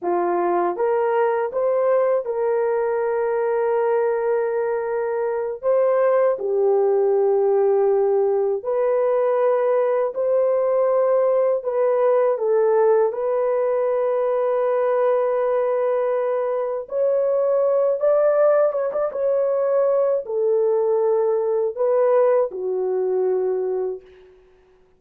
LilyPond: \new Staff \with { instrumentName = "horn" } { \time 4/4 \tempo 4 = 80 f'4 ais'4 c''4 ais'4~ | ais'2.~ ais'8 c''8~ | c''8 g'2. b'8~ | b'4. c''2 b'8~ |
b'8 a'4 b'2~ b'8~ | b'2~ b'8 cis''4. | d''4 cis''16 d''16 cis''4. a'4~ | a'4 b'4 fis'2 | }